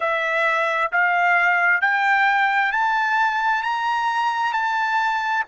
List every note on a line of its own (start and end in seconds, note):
0.00 0.91 E5
0.91 1.81 F5
1.81 2.71 G5
2.71 3.62 A5
3.62 4.52 A#5
4.52 5.43 A5